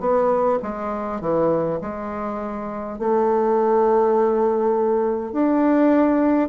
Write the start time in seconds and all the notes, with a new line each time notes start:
0.00 B3
0.63 G#3
1.21 E3
1.81 G#3
2.98 A3
5.33 D4